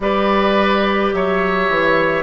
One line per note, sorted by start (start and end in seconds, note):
0.00 1.12 G3
0.00 2.23 G4
0.00 1.15 B4
0.00 1.13 D5
1.13 1.69 F#3
1.13 2.23 C#5
1.13 2.23 E5
1.69 2.23 E3